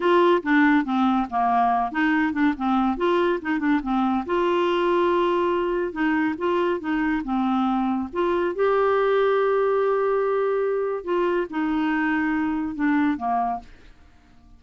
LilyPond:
\new Staff \with { instrumentName = "clarinet" } { \time 4/4 \tempo 4 = 141 f'4 d'4 c'4 ais4~ | ais8 dis'4 d'8 c'4 f'4 | dis'8 d'8 c'4 f'2~ | f'2 dis'4 f'4 |
dis'4 c'2 f'4 | g'1~ | g'2 f'4 dis'4~ | dis'2 d'4 ais4 | }